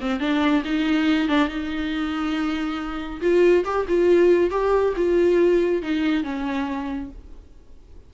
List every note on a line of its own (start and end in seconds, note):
0.00 0.20 C4
0.20 0.63 D4
0.64 1.28 D#4
1.28 1.48 D4
1.48 3.20 D#4
3.21 3.64 F4
3.64 3.86 G4
3.88 4.50 F4
4.50 4.93 G4
4.96 5.82 F4
5.82 6.23 D#4
6.23 7.09 C#4